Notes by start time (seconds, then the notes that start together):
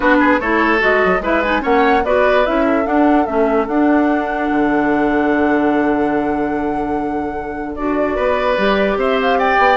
0.00 B3 D4 F#4 B4
0.20 G#4
0.40 A3 E4 A4 C#5
0.79 G#3 F#4 D#5
1.04 F#3
1.20 G#3 E4 B4 E5
1.42 D#4 G#5
1.60 A#3 C#4 C#5 F#5
2.04 B3 F#4 B4 D5
2.45 C#4 E4 E5
2.65 A4
2.83 D4 F#5
3.26 A3 C#4 E5
3.67 D4 F#5
4.50 D3
7.75 D4 F#4 D5
8.15 B3 B4
8.57 G3 G4
8.96 C4 C5 E5
9.21 F5
9.38 D5 G5
9.58 B3